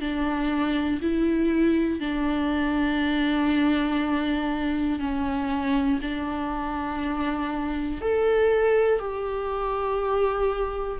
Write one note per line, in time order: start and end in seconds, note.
0.00 1.00 D4
1.01 2.00 E4
2.00 5.00 D4
5.00 6.00 C#4
6.01 8.00 D4
8.00 8.99 A4
8.99 10.99 G4